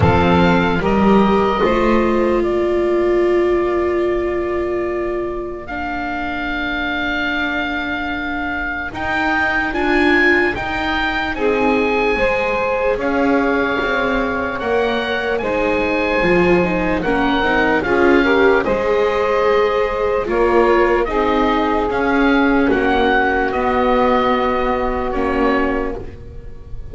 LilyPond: <<
  \new Staff \with { instrumentName = "oboe" } { \time 4/4 \tempo 4 = 74 f''4 dis''2 d''4~ | d''2. f''4~ | f''2. g''4 | gis''4 g''4 gis''2 |
f''2 fis''4 gis''4~ | gis''4 fis''4 f''4 dis''4~ | dis''4 cis''4 dis''4 f''4 | fis''4 dis''2 cis''4 | }
  \new Staff \with { instrumentName = "saxophone" } { \time 4/4 a'4 ais'4 c''4 ais'4~ | ais'1~ | ais'1~ | ais'2 gis'4 c''4 |
cis''2. c''4~ | c''4 ais'4 gis'8 ais'8 c''4~ | c''4 ais'4 gis'2 | fis'1 | }
  \new Staff \with { instrumentName = "viola" } { \time 4/4 c'4 g'4 f'2~ | f'2. d'4~ | d'2. dis'4 | f'4 dis'2 gis'4~ |
gis'2 ais'4 dis'4 | f'8 dis'8 cis'8 dis'8 f'8 g'8 gis'4~ | gis'4 f'4 dis'4 cis'4~ | cis'4 b2 cis'4 | }
  \new Staff \with { instrumentName = "double bass" } { \time 4/4 f4 g4 a4 ais4~ | ais1~ | ais2. dis'4 | d'4 dis'4 c'4 gis4 |
cis'4 c'4 ais4 gis4 | f4 ais8 c'8 cis'4 gis4~ | gis4 ais4 c'4 cis'4 | ais4 b2 ais4 | }
>>